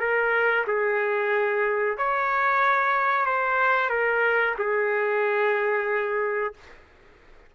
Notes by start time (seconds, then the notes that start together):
0.00 A#4
0.67 G#4
1.98 C#5
3.26 C5
3.90 A#4
4.59 G#4